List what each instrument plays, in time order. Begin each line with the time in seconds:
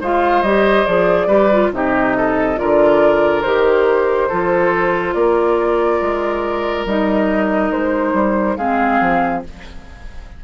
0.00 bassoon G#3, clarinet F4, oboe C5, flute F5
0.42 bassoon G3, clarinet G4, flute D#5
0.85 bassoon F3, clarinet G#4, flute D5
1.26 bassoon G3, clarinet G4, oboe B4
1.51 clarinet F4
1.72 bassoon C3, clarinet D#4, oboe G4, flute D#5
2.16 oboe A4
2.56 bassoon D3, clarinet F4, oboe A#4, flute D5
3.42 bassoon D#3, clarinet G4, flute C5
4.28 bassoon F3, clarinet F4, oboe A4
5.13 bassoon A#3, oboe A#4, flute D5
6.01 bassoon G#3
6.85 bassoon G3, clarinet D#4, flute D#5
7.71 bassoon G#3, flute C5
8.13 bassoon G3
8.56 bassoon G#3, clarinet C4, oboe G#4, flute F5
9.00 bassoon F3